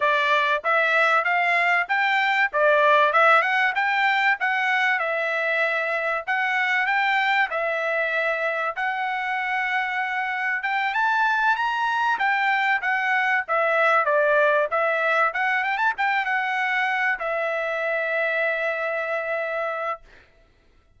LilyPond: \new Staff \with { instrumentName = "trumpet" } { \time 4/4 \tempo 4 = 96 d''4 e''4 f''4 g''4 | d''4 e''8 fis''8 g''4 fis''4 | e''2 fis''4 g''4 | e''2 fis''2~ |
fis''4 g''8 a''4 ais''4 g''8~ | g''8 fis''4 e''4 d''4 e''8~ | e''8 fis''8 g''16 a''16 g''8 fis''4. e''8~ | e''1 | }